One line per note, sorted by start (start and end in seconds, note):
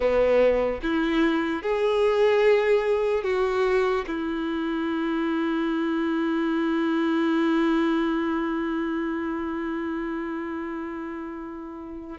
0.00 0.80 B3
0.82 1.62 E4
1.62 3.23 G#4
3.23 4.04 F#4
4.07 12.18 E4